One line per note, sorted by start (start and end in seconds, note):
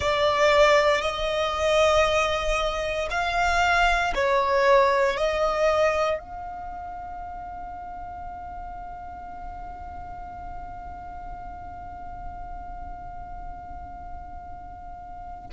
0.00 1.01 D5
1.01 3.08 D#5
3.10 4.13 F5
4.14 5.17 C#5
5.17 6.18 D#5
6.18 15.49 F5